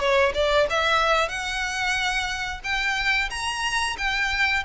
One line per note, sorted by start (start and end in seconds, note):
0.00 0.33 C#5
0.34 0.67 D5
0.70 1.29 E5
1.29 2.61 F#5
2.64 3.30 G5
3.31 3.97 A#5
3.98 4.64 G5